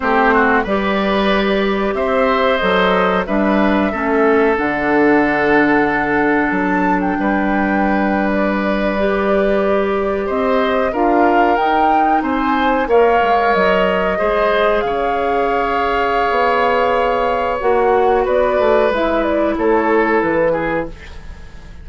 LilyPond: <<
  \new Staff \with { instrumentName = "flute" } { \time 4/4 \tempo 4 = 92 c''4 d''2 e''4 | dis''4 e''2 fis''4~ | fis''2 a''8. g''4~ g''16~ | g''8. d''2. dis''16~ |
dis''8. f''4 g''4 gis''4 f''16~ | f''8. dis''2 f''4~ f''16~ | f''2. fis''4 | d''4 e''8 d''8 cis''4 b'4 | }
  \new Staff \with { instrumentName = "oboe" } { \time 4/4 g'8 fis'8 b'2 c''4~ | c''4 b'4 a'2~ | a'2. b'4~ | b'2.~ b'8. c''16~ |
c''8. ais'2 c''4 cis''16~ | cis''4.~ cis''16 c''4 cis''4~ cis''16~ | cis''1 | b'2 a'4. gis'8 | }
  \new Staff \with { instrumentName = "clarinet" } { \time 4/4 c'4 g'2. | a'4 d'4 cis'4 d'4~ | d'1~ | d'4.~ d'16 g'2~ g'16~ |
g'8. f'4 dis'2 ais'16~ | ais'4.~ ais'16 gis'2~ gis'16~ | gis'2. fis'4~ | fis'4 e'2. | }
  \new Staff \with { instrumentName = "bassoon" } { \time 4/4 a4 g2 c'4 | fis4 g4 a4 d4~ | d2 fis4 g4~ | g2.~ g8. c'16~ |
c'8. d'4 dis'4 c'4 ais16~ | ais16 gis8 fis4 gis4 cis4~ cis16~ | cis4 b2 ais4 | b8 a8 gis4 a4 e4 | }
>>